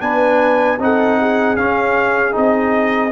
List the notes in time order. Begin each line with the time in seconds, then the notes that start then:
0.00 B3 D4 B4 G#5
0.78 C4 D#4 A4 F#5
1.19 G#4
1.56 C#4 F5
2.31 C4 D#4 D#5